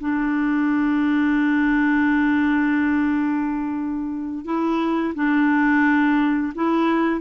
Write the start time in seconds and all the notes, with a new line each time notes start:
0.00 D4
4.45 E4
5.15 D4
6.55 E4